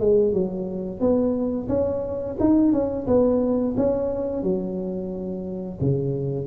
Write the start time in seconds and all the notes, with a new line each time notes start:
0.00 G#3
0.34 F#3
1.00 B3
1.69 C#4
2.40 D#4
2.73 C#4
3.07 B3
3.77 C#4
4.43 F#3
5.81 C#3